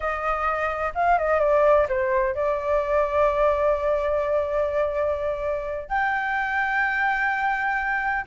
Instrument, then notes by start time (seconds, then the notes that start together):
flute
0.00 D#5
0.94 F5
1.18 D#5
1.39 D5
1.89 C5
2.35 D5
5.88 G5